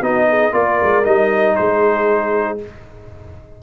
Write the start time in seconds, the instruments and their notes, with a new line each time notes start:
0.00 tuba B3, trombone D#4, horn F#4, trumpet D#5
0.28 horn G#4
0.52 tuba A#3, trombone F4, horn A#4, trumpet D5
0.82 tuba G#3
1.04 tuba G3, trombone D#4, trumpet D#5
1.55 tuba G#3, horn G#4, trumpet C5